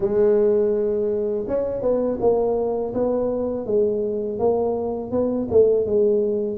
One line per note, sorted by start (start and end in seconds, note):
0.00 1.45 G#3
1.47 1.81 C#4
1.81 2.18 B3
2.20 2.93 A#3
2.94 3.66 B3
3.66 4.38 G#3
4.38 5.11 A#3
5.11 5.47 B3
5.50 5.85 A3
5.85 6.58 G#3